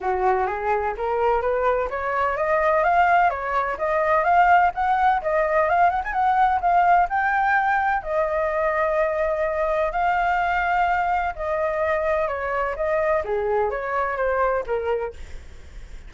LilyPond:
\new Staff \with { instrumentName = "flute" } { \time 4/4 \tempo 4 = 127 fis'4 gis'4 ais'4 b'4 | cis''4 dis''4 f''4 cis''4 | dis''4 f''4 fis''4 dis''4 | f''8 fis''16 gis''16 fis''4 f''4 g''4~ |
g''4 dis''2.~ | dis''4 f''2. | dis''2 cis''4 dis''4 | gis'4 cis''4 c''4 ais'4 | }